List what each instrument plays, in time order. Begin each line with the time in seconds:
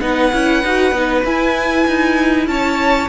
0.00 cello B3, viola D#4, violin B4 F#5
0.32 cello C#4, viola E4
0.63 cello D#4, viola F#4
0.92 cello B3, viola D#4
1.24 cello E4, viola E4, violin G#5
1.87 cello D#4
2.47 cello C#4, violin C#5 A5